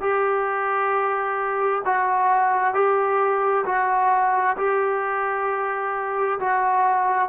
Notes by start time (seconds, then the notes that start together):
0.00 G4
1.85 F#4
2.74 G4
3.65 F#4
4.57 G4
6.39 F#4